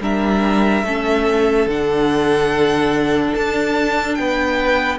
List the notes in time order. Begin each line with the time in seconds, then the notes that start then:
0.00 G3 D4 A#4 E5
0.83 A3 C#4 A4
1.66 D3 D4 F#5
3.35 D4 A5
4.15 B3 B4 G5